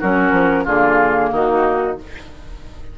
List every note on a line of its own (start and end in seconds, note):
0.00 0.32 F#3
0.00 0.68 C#4
0.00 0.65 F#4
0.00 0.66 A#4
0.32 0.65 F3
0.65 1.32 D3
0.65 1.98 A#3
0.65 1.30 F4
0.65 1.32 G#4
1.32 1.98 D#3
1.32 1.98 D#4
1.32 1.99 F#4